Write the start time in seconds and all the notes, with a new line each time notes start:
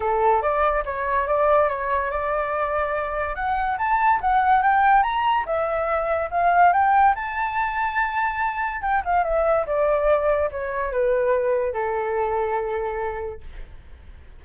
0.00 A4
0.41 D5
0.85 C#5
1.27 D5
1.68 C#5
2.10 D5
3.35 F#5
3.78 A5
4.20 F#5
4.62 G5
5.03 A#5
5.45 E5
6.30 F5
6.72 G5
7.15 A5
8.81 G5
9.04 F5
9.23 E5
9.66 D5
10.51 C#5
10.92 B4
11.73 A4